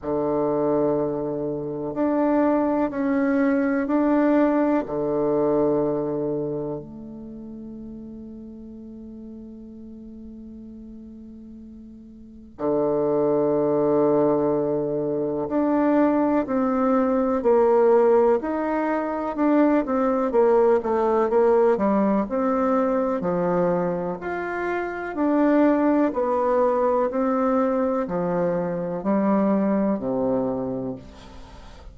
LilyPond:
\new Staff \with { instrumentName = "bassoon" } { \time 4/4 \tempo 4 = 62 d2 d'4 cis'4 | d'4 d2 a4~ | a1~ | a4 d2. |
d'4 c'4 ais4 dis'4 | d'8 c'8 ais8 a8 ais8 g8 c'4 | f4 f'4 d'4 b4 | c'4 f4 g4 c4 | }